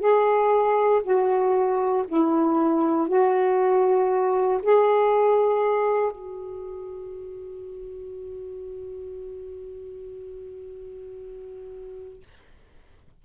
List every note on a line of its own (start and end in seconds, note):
0.00 1.02 G#4
1.03 2.05 F#4
2.08 3.09 E4
3.09 4.61 F#4
4.63 6.12 G#4
6.12 12.23 F#4